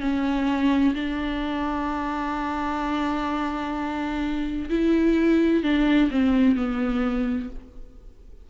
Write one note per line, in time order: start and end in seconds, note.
0.00 0.94 C#4
0.94 4.69 D4
4.69 5.62 E4
5.62 6.09 D4
6.10 6.55 C4
6.55 7.49 B3